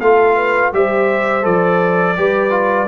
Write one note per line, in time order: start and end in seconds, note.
0.00 0.73 A3
0.00 0.73 F4
0.00 0.36 A4
0.00 0.72 F5
0.36 0.72 B4
0.73 1.45 G3
0.73 1.42 G4
0.73 2.17 C5
0.73 1.45 E5
1.42 2.17 F3
1.42 2.14 A4
1.42 2.88 D5
2.17 2.88 G3
2.17 2.50 G4
2.17 2.88 B4
2.50 2.86 F4